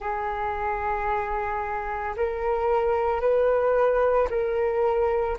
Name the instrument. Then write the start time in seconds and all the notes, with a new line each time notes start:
flute
0.00 G#4
2.16 A#4
3.20 B4
4.30 A#4